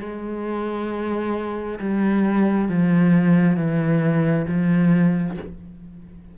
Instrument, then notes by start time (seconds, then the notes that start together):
cello
0.00 G#3
1.80 G3
2.69 F3
3.57 E3
4.48 F3